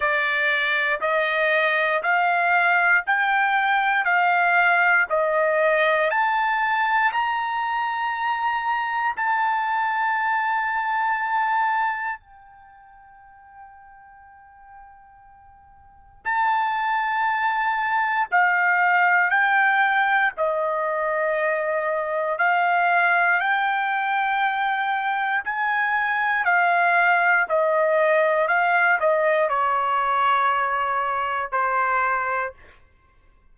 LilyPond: \new Staff \with { instrumentName = "trumpet" } { \time 4/4 \tempo 4 = 59 d''4 dis''4 f''4 g''4 | f''4 dis''4 a''4 ais''4~ | ais''4 a''2. | g''1 |
a''2 f''4 g''4 | dis''2 f''4 g''4~ | g''4 gis''4 f''4 dis''4 | f''8 dis''8 cis''2 c''4 | }